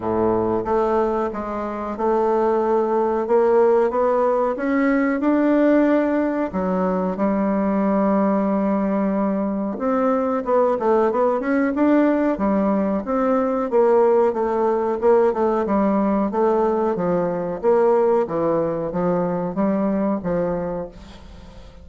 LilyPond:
\new Staff \with { instrumentName = "bassoon" } { \time 4/4 \tempo 4 = 92 a,4 a4 gis4 a4~ | a4 ais4 b4 cis'4 | d'2 fis4 g4~ | g2. c'4 |
b8 a8 b8 cis'8 d'4 g4 | c'4 ais4 a4 ais8 a8 | g4 a4 f4 ais4 | e4 f4 g4 f4 | }